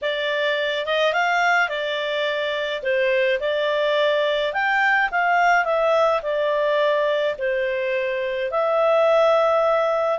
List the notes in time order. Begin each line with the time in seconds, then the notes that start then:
0.01 D5
0.86 D#5
1.13 F5
1.69 D5
2.82 C5
3.40 D5
4.53 G5
5.11 F5
5.64 E5
6.22 D5
7.38 C5
8.51 E5